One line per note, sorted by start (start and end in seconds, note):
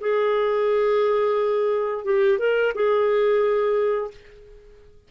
0.00 2.04 G#4
2.04 2.38 G4
2.38 2.72 A#4
2.74 4.10 G#4